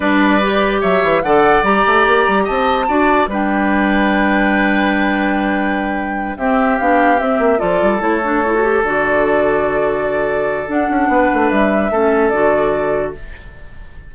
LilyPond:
<<
  \new Staff \with { instrumentName = "flute" } { \time 4/4 \tempo 4 = 146 d''2 e''4 fis''4 | ais''2 a''2 | g''1~ | g''2.~ g''8 e''8~ |
e''8 f''4 e''4 d''4 cis''8~ | cis''4. d''2~ d''8~ | d''2 fis''2 | e''2 d''2 | }
  \new Staff \with { instrumentName = "oboe" } { \time 4/4 b'2 cis''4 d''4~ | d''2 dis''4 d''4 | b'1~ | b'2.~ b'8 g'8~ |
g'2~ g'8 a'4.~ | a'1~ | a'2. b'4~ | b'4 a'2. | }
  \new Staff \with { instrumentName = "clarinet" } { \time 4/4 d'4 g'2 a'4 | g'2. fis'4 | d'1~ | d'2.~ d'8 c'8~ |
c'8 d'4 c'4 f'4 e'8 | d'8 e'16 fis'16 g'8 fis'2~ fis'8~ | fis'2 d'2~ | d'4 cis'4 fis'2 | }
  \new Staff \with { instrumentName = "bassoon" } { \time 4/4 g2 fis8 e8 d4 | g8 a8 ais8 g8 c'4 d'4 | g1~ | g2.~ g8 c'8~ |
c'8 b4 c'8 ais8 f8 g8 a8~ | a4. d2~ d8~ | d2 d'8 cis'8 b8 a8 | g4 a4 d2 | }
>>